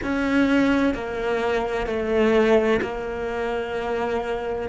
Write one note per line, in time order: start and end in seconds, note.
0.03 0.94 C#4
0.94 1.86 A#3
1.86 2.80 A3
2.81 4.69 A#3